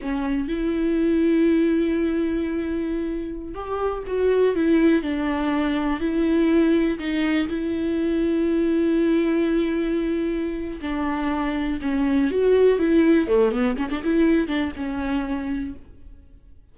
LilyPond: \new Staff \with { instrumentName = "viola" } { \time 4/4 \tempo 4 = 122 cis'4 e'2.~ | e'2.~ e'16 g'8.~ | g'16 fis'4 e'4 d'4.~ d'16~ | d'16 e'2 dis'4 e'8.~ |
e'1~ | e'2 d'2 | cis'4 fis'4 e'4 a8 b8 | cis'16 d'16 e'4 d'8 cis'2 | }